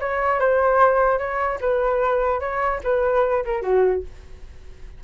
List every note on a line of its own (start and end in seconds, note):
0.00 0.40 C#5
0.40 1.18 C5
1.18 1.59 C#5
1.61 2.40 B4
2.40 2.81 C#5
2.84 3.44 B4
3.45 3.62 A#4
3.62 4.03 F#4